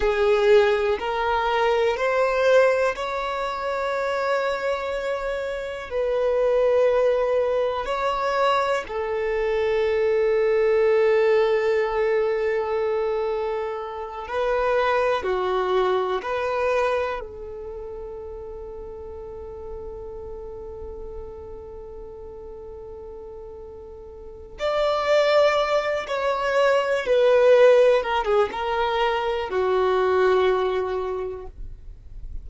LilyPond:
\new Staff \with { instrumentName = "violin" } { \time 4/4 \tempo 4 = 61 gis'4 ais'4 c''4 cis''4~ | cis''2 b'2 | cis''4 a'2.~ | a'2~ a'8 b'4 fis'8~ |
fis'8 b'4 a'2~ a'8~ | a'1~ | a'4 d''4. cis''4 b'8~ | b'8 ais'16 gis'16 ais'4 fis'2 | }